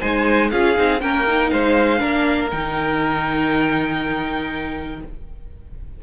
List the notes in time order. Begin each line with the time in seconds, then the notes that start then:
0.00 G#3 D#4 C5 G#5
0.51 C#4 F4 G#4 F5
0.76 C4 D#4
1.01 A#3 C#4 A#4 G5
1.27 D#4
1.50 G#3 C5 F5
1.98 A#3 D4 A#4
2.51 D#3 D#4 G5